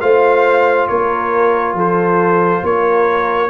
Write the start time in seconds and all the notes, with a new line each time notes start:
0.00 A3 F4 C5 F5
0.87 A#3 A#4 C#5
1.73 F3 A4 C5
2.63 A#3 A#4 C#5